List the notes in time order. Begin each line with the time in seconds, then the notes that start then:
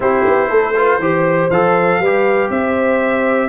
0.00 C4 E4 G4 C5
0.26 B3
0.48 A3 A4
0.75 F4 B4
0.99 E3 G4 C5
1.50 F3 A4 F5
1.98 G3 B4
2.05 G4
2.50 C4 C5 E5